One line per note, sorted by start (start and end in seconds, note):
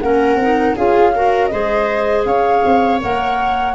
0.00 0.36 A#3
0.00 0.39 C#4
0.00 0.76 A#4
0.00 0.75 F#5
0.36 0.73 C4
0.36 0.76 D#4
0.76 1.52 C#4
0.76 1.14 F4
0.76 1.13 G#4
0.76 1.47 F5
1.14 1.51 F#4
1.14 1.52 A#4
1.47 2.25 G#3
1.47 3.00 G#4
1.47 2.27 C5
1.47 2.22 D#5
2.25 2.63 C#4
2.25 3.74 C#5
2.25 3.00 F5
2.65 3.02 C4
3.00 3.74 A#3
3.00 3.74 A#4
3.00 3.74 F#5